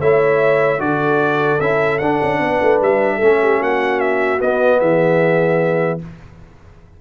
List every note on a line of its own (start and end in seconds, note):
0.00 0.79 A3
0.00 0.79 E4
0.00 0.80 C#5
0.00 0.80 E5
0.79 1.59 D3
0.79 1.59 F#4
0.79 2.41 A4
0.79 1.60 D5
1.60 2.00 C#4
1.60 2.01 E4
1.60 1.99 E5
1.99 2.21 D4
1.99 3.21 D4
1.99 2.79 F#5
2.23 2.39 C#4
2.39 2.59 B3
2.39 3.16 B4
2.62 2.81 A3
2.81 3.21 G3
2.81 3.63 E5
3.16 3.60 A3
3.16 4.39 C#4
3.16 3.36 A4
3.42 3.60 G4
3.60 4.40 A#3
3.60 4.79 F#4
3.60 4.00 F#5
4.00 4.40 E5
4.39 5.99 B3
4.39 4.81 B3
4.39 4.80 D#5
4.80 6.01 E3
4.80 6.00 G#4
4.80 6.00 E5